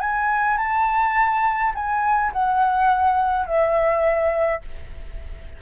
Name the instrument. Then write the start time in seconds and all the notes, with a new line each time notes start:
flute
0.00 G#5
0.57 A5
1.74 G#5
2.32 F#5
3.46 E5